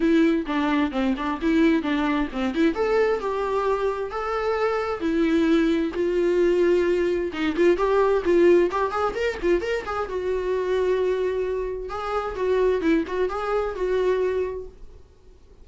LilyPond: \new Staff \with { instrumentName = "viola" } { \time 4/4 \tempo 4 = 131 e'4 d'4 c'8 d'8 e'4 | d'4 c'8 e'8 a'4 g'4~ | g'4 a'2 e'4~ | e'4 f'2. |
dis'8 f'8 g'4 f'4 g'8 gis'8 | ais'8 f'8 ais'8 gis'8 fis'2~ | fis'2 gis'4 fis'4 | e'8 fis'8 gis'4 fis'2 | }